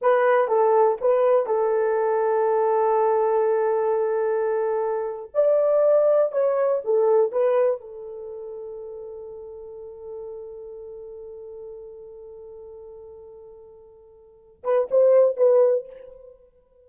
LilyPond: \new Staff \with { instrumentName = "horn" } { \time 4/4 \tempo 4 = 121 b'4 a'4 b'4 a'4~ | a'1~ | a'2~ a'8. d''4~ d''16~ | d''8. cis''4 a'4 b'4 a'16~ |
a'1~ | a'1~ | a'1~ | a'4. b'8 c''4 b'4 | }